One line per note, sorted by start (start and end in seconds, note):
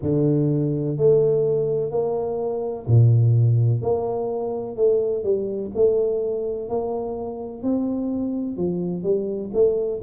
0.02 0.97 D3
0.97 1.90 A3
1.90 2.86 A#3
2.87 3.81 A#2
3.81 4.76 A#3
4.76 5.23 A3
5.23 5.71 G3
5.74 6.68 A3
6.68 7.62 A#3
7.62 8.57 C4
8.57 9.03 F3
9.03 9.51 G3
9.53 10.01 A3